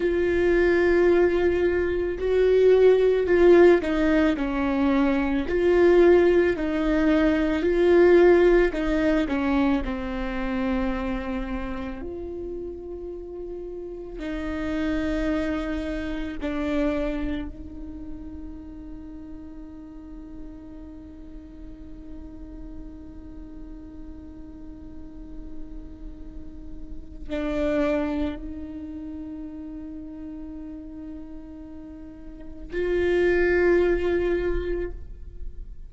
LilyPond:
\new Staff \with { instrumentName = "viola" } { \time 4/4 \tempo 4 = 55 f'2 fis'4 f'8 dis'8 | cis'4 f'4 dis'4 f'4 | dis'8 cis'8 c'2 f'4~ | f'4 dis'2 d'4 |
dis'1~ | dis'1~ | dis'4 d'4 dis'2~ | dis'2 f'2 | }